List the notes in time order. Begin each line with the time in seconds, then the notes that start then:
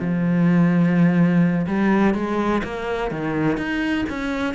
0.00 F3
1.67 G3
2.15 G#3
2.64 A#3
3.11 D#3
3.58 D#4
4.10 C#4